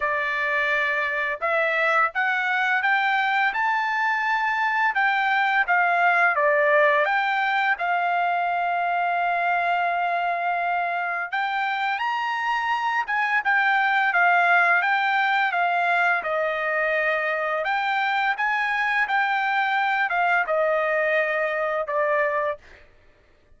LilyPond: \new Staff \with { instrumentName = "trumpet" } { \time 4/4 \tempo 4 = 85 d''2 e''4 fis''4 | g''4 a''2 g''4 | f''4 d''4 g''4 f''4~ | f''1 |
g''4 ais''4. gis''8 g''4 | f''4 g''4 f''4 dis''4~ | dis''4 g''4 gis''4 g''4~ | g''8 f''8 dis''2 d''4 | }